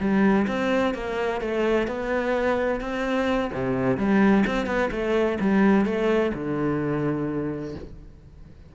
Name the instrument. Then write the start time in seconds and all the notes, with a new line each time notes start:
cello
0.00 G3
0.48 C4
0.95 A#3
1.41 A3
1.88 B3
2.81 C4
3.54 C3
3.98 G3
4.47 C4
4.66 B3
4.92 A3
5.40 G3
5.86 A3
6.35 D3